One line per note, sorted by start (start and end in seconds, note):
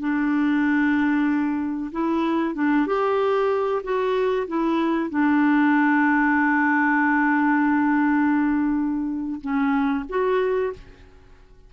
0.00 1.91 D4
1.92 2.55 E4
2.55 2.87 D4
2.87 3.83 G4
3.84 4.47 F#4
4.48 5.10 E4
5.10 9.41 D4
9.41 10.05 C#4
10.09 10.73 F#4